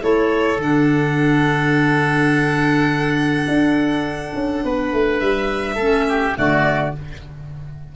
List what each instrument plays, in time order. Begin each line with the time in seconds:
0.00 tuba A3, clarinet E4, oboe A4, violin C#5
0.57 tuba D3, clarinet D4, violin F#5
3.48 tuba D4
4.35 tuba C#4
4.64 tuba B3, oboe B4
4.92 tuba A3
5.19 tuba G3, violin E5
5.75 tuba A3, clarinet C#4, oboe A4
6.09 oboe G4
6.34 tuba D3, clarinet A3, oboe F#4, violin D5